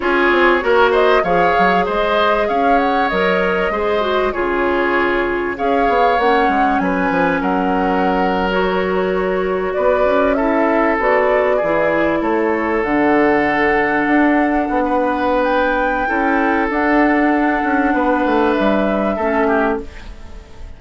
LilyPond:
<<
  \new Staff \with { instrumentName = "flute" } { \time 4/4 \tempo 4 = 97 cis''4. dis''8 f''4 dis''4 | f''8 fis''8 dis''2 cis''4~ | cis''4 f''4 fis''4 gis''4 | fis''4.~ fis''16 cis''2 d''16~ |
d''8. e''4 d''2 cis''16~ | cis''8. fis''2.~ fis''16~ | fis''4 g''2 fis''4~ | fis''2 e''2 | }
  \new Staff \with { instrumentName = "oboe" } { \time 4/4 gis'4 ais'8 c''8 cis''4 c''4 | cis''2 c''4 gis'4~ | gis'4 cis''2 b'4 | ais'2.~ ais'8. b'16~ |
b'8. a'2 gis'4 a'16~ | a'1 | b'2 a'2~ | a'4 b'2 a'8 g'8 | }
  \new Staff \with { instrumentName = "clarinet" } { \time 4/4 f'4 fis'4 gis'2~ | gis'4 ais'4 gis'8 fis'8 f'4~ | f'4 gis'4 cis'2~ | cis'4.~ cis'16 fis'2~ fis'16~ |
fis'8. e'4 fis'4 e'4~ e'16~ | e'8. d'2.~ d'16~ | d'2 e'4 d'4~ | d'2. cis'4 | }
  \new Staff \with { instrumentName = "bassoon" } { \time 4/4 cis'8 c'8 ais4 f8 fis8 gis4 | cis'4 fis4 gis4 cis4~ | cis4 cis'8 b8 ais8 gis8 fis8 f8 | fis2.~ fis8. b16~ |
b16 cis'4. b4 e4 a16~ | a8. d2 d'4 b16~ | b2 cis'4 d'4~ | d'8 cis'8 b8 a8 g4 a4 | }
>>